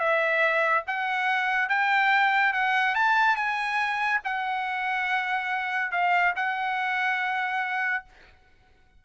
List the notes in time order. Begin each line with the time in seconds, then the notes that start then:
0.00 E5
0.88 F#5
1.69 G5
2.54 F#5
2.96 A5
3.36 G#5
4.25 F#5
5.92 F5
6.36 F#5